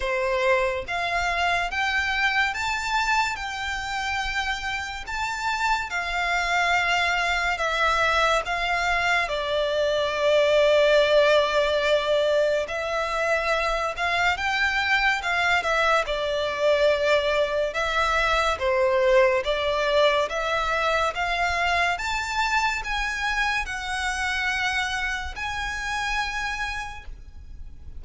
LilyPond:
\new Staff \with { instrumentName = "violin" } { \time 4/4 \tempo 4 = 71 c''4 f''4 g''4 a''4 | g''2 a''4 f''4~ | f''4 e''4 f''4 d''4~ | d''2. e''4~ |
e''8 f''8 g''4 f''8 e''8 d''4~ | d''4 e''4 c''4 d''4 | e''4 f''4 a''4 gis''4 | fis''2 gis''2 | }